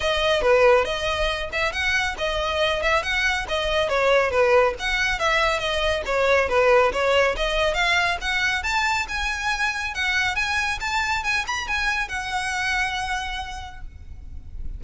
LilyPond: \new Staff \with { instrumentName = "violin" } { \time 4/4 \tempo 4 = 139 dis''4 b'4 dis''4. e''8 | fis''4 dis''4. e''8 fis''4 | dis''4 cis''4 b'4 fis''4 | e''4 dis''4 cis''4 b'4 |
cis''4 dis''4 f''4 fis''4 | a''4 gis''2 fis''4 | gis''4 a''4 gis''8 b''8 gis''4 | fis''1 | }